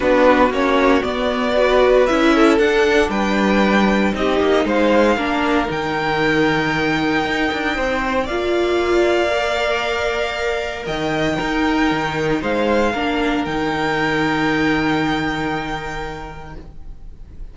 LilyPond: <<
  \new Staff \with { instrumentName = "violin" } { \time 4/4 \tempo 4 = 116 b'4 cis''4 d''2 | e''4 fis''4 g''2 | dis''4 f''2 g''4~ | g''1 |
f''1~ | f''4 g''2. | f''2 g''2~ | g''1 | }
  \new Staff \with { instrumentName = "violin" } { \time 4/4 fis'2. b'4~ | b'8 a'4. b'2 | g'4 c''4 ais'2~ | ais'2. c''4 |
d''1~ | d''4 dis''4 ais'2 | c''4 ais'2.~ | ais'1 | }
  \new Staff \with { instrumentName = "viola" } { \time 4/4 d'4 cis'4 b4 fis'4 | e'4 d'2. | dis'2 d'4 dis'4~ | dis'1 |
f'2 ais'2~ | ais'2 dis'2~ | dis'4 d'4 dis'2~ | dis'1 | }
  \new Staff \with { instrumentName = "cello" } { \time 4/4 b4 ais4 b2 | cis'4 d'4 g2 | c'8 ais8 gis4 ais4 dis4~ | dis2 dis'8 d'8 c'4 |
ais1~ | ais4 dis4 dis'4 dis4 | gis4 ais4 dis2~ | dis1 | }
>>